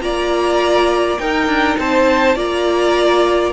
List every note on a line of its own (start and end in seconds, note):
0.00 1.18 A#3
0.00 1.18 F4
0.00 1.20 D5
0.00 1.18 A#5
1.18 1.47 D#4
1.18 2.35 D#4
1.18 1.79 A#4
1.18 1.76 G5
1.47 1.76 D4
1.78 2.35 C4
1.78 2.35 C5
1.78 2.38 A5
2.35 3.53 A#3
2.35 3.53 F4
2.35 3.53 D5
2.35 3.53 A#5